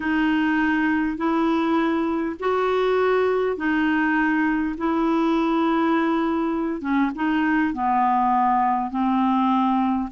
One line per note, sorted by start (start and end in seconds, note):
0.00 1.17 D#4
1.17 2.36 E4
2.39 3.56 F#4
3.56 4.75 D#4
4.77 6.81 E4
6.81 7.10 C#4
7.15 7.73 D#4
7.73 8.90 B3
8.90 10.09 C4